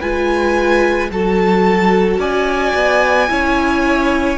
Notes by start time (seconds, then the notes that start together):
0.00 G#3 F4 B4 G#5
1.11 F#3 F#4 A4 A5
2.18 C#4 D5 G#5
2.75 B3
3.29 C#4 E4 C#5